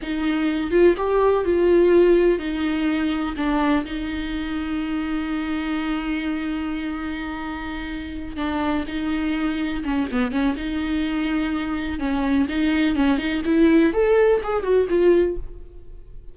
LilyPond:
\new Staff \with { instrumentName = "viola" } { \time 4/4 \tempo 4 = 125 dis'4. f'8 g'4 f'4~ | f'4 dis'2 d'4 | dis'1~ | dis'1~ |
dis'4. d'4 dis'4.~ | dis'8 cis'8 b8 cis'8 dis'2~ | dis'4 cis'4 dis'4 cis'8 dis'8 | e'4 a'4 gis'8 fis'8 f'4 | }